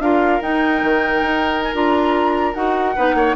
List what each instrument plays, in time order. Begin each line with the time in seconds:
0.00 bassoon D4, clarinet F4, oboe A#4, flute F5
0.42 bassoon D#4, clarinet D#4, flute G5
0.83 bassoon D#3
1.23 bassoon D#4
1.63 flute G#5
1.74 bassoon D4, clarinet F4, flute A#5
2.55 bassoon D#4, clarinet F#4, flute F#5
2.96 bassoon B3, clarinet D#4, oboe B4
3.15 bassoon A#3, oboe C#5